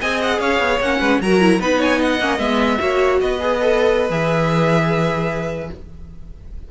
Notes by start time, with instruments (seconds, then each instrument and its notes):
0.00 cello C4, viola G#4, violin D#5 G#5
0.22 violin F#5
0.39 cello C#4, violin C#5 F5
0.59 cello B3
0.79 cello A#3, viola C#4, violin F#5
1.00 cello G#3, violin B4
1.20 cello F#3, viola F#4, violin A#4 A#5
1.41 viola E4
1.59 cello B3, viola D#4, violin B4 B5
1.78 violin C#5 G#5
1.98 violin D#5 F#5
2.19 cello A#3, viola C#4
2.38 cello G#3, viola B3, violin E5
2.79 cello A#3, viola F#4, violin C#5
3.21 cello B3, violin B4 D#5
3.40 viola G#4
3.60 viola A4
4.09 cello E3, viola G#4, violin E5